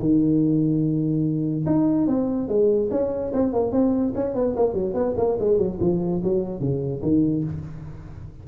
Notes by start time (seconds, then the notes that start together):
0.00 D#3
1.67 D#4
2.08 C4
2.49 G#3
2.91 C#4
3.34 C4
3.53 A#3
3.72 C4
4.16 C#4
4.35 B3
4.56 A#3
4.74 F#3
4.94 B3
5.18 A#3
5.40 G#3
5.58 F#3
5.81 F3
6.24 F#3
6.61 C#3
7.03 D#3